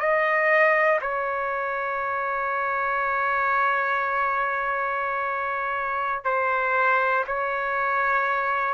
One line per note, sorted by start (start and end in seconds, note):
0.00 1.00 D#5
1.01 6.25 C#5
6.25 7.25 C5
7.27 8.74 C#5